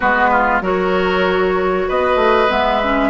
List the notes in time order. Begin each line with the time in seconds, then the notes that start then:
0.00 G#3 B3 F#4 B4
0.31 F4
0.61 F#3 F#4 A#4 C#5
1.88 B3 B4 D#5
2.15 A3
2.49 G#3 B3 E5
2.83 C#4